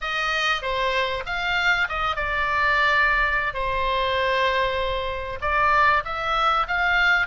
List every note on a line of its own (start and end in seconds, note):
0.01 0.62 D#5
0.62 1.23 C5
1.26 1.88 F5
1.88 2.16 D#5
2.16 3.53 D5
3.53 5.39 C5
5.41 6.03 D5
6.04 6.66 E5
6.67 7.27 F5